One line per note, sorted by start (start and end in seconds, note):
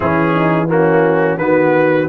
0.00 1.37 E3
0.00 0.67 C#4
0.00 0.30 E4
0.00 0.68 G#4
0.33 0.68 D#4
0.67 1.37 A#3
0.67 1.40 C#4
0.67 1.38 F#4
1.37 2.07 D#3
1.37 2.08 B3
1.37 2.09 F#4
1.37 2.08 B4